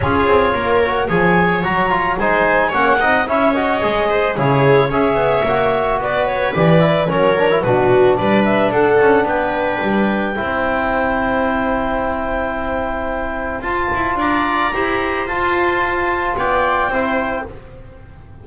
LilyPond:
<<
  \new Staff \with { instrumentName = "clarinet" } { \time 4/4 \tempo 4 = 110 cis''2 gis''4 ais''4 | gis''4 fis''4 e''8 dis''4. | cis''4 e''2 d''8 cis''8 | d''4 cis''4 b'4 d''8 e''8 |
fis''4 g''2.~ | g''1~ | g''4 a''4 ais''2 | a''2 g''2 | }
  \new Staff \with { instrumentName = "viola" } { \time 4/4 gis'4 ais'4 cis''2 | c''4 cis''8 dis''8 cis''4. c''8 | gis'4 cis''2 b'4~ | b'4 ais'4 fis'4 b'4 |
a'4 b'2 c''4~ | c''1~ | c''2 d''4 c''4~ | c''2 d''4 c''4 | }
  \new Staff \with { instrumentName = "trombone" } { \time 4/4 f'4. fis'8 gis'4 fis'8 f'8 | dis'4 cis'8 dis'8 e'8 fis'8 gis'4 | e'4 gis'4 fis'2 | g'8 e'8 cis'8 d'16 e'16 d'2~ |
d'2. e'4~ | e'1~ | e'4 f'2 g'4 | f'2. e'4 | }
  \new Staff \with { instrumentName = "double bass" } { \time 4/4 cis'8 c'8 ais4 f4 fis4 | gis4 ais8 c'8 cis'4 gis4 | cis4 cis'8 b8 ais4 b4 | e4 fis4 b,4 g4 |
d'8 cis'8 b4 g4 c'4~ | c'1~ | c'4 f'8 e'8 d'4 e'4 | f'2 b4 c'4 | }
>>